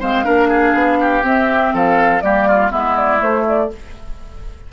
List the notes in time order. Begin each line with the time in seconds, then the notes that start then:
0.00 G#3 C4 C5 F5
0.25 A#3 D4 A#4
0.49 G#4
0.74 B3
1.01 G4
1.23 C4 E5
1.74 F3 A4 F5
2.22 G3 A#3 G4 D5
2.48 F4
2.71 G#3 B3 E4 E5
2.97 D5
3.19 A3 C5
3.48 D5